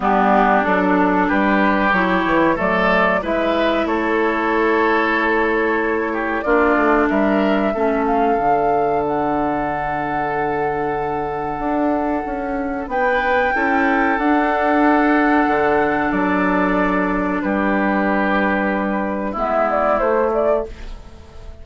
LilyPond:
<<
  \new Staff \with { instrumentName = "flute" } { \time 4/4 \tempo 4 = 93 g'4 a'4 b'4 cis''4 | d''4 e''4 cis''2~ | cis''2 d''4 e''4~ | e''8 f''4. fis''2~ |
fis''1 | g''2 fis''2~ | fis''4 d''2 b'4~ | b'2 e''8 d''8 c''8 d''8 | }
  \new Staff \with { instrumentName = "oboe" } { \time 4/4 d'2 g'2 | a'4 b'4 a'2~ | a'4. g'8 f'4 ais'4 | a'1~ |
a'1 | b'4 a'2.~ | a'2. g'4~ | g'2 e'2 | }
  \new Staff \with { instrumentName = "clarinet" } { \time 4/4 b4 d'2 e'4 | a4 e'2.~ | e'2 d'2 | cis'4 d'2.~ |
d'1~ | d'4 e'4 d'2~ | d'1~ | d'2 b4 a4 | }
  \new Staff \with { instrumentName = "bassoon" } { \time 4/4 g4 fis4 g4 fis8 e8 | fis4 gis4 a2~ | a2 ais8 a8 g4 | a4 d2.~ |
d2 d'4 cis'4 | b4 cis'4 d'2 | d4 fis2 g4~ | g2 gis4 a4 | }
>>